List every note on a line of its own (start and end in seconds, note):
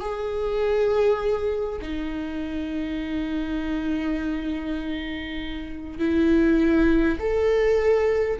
0.00 1.80 G#4
1.82 5.99 D#4
5.99 7.19 E4
7.19 8.39 A4